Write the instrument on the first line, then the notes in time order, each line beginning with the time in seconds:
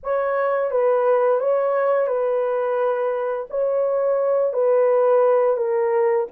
horn
0.03 C#5
0.70 B4
1.40 C#5
2.07 B4
3.50 C#5
4.53 B4
5.56 A#4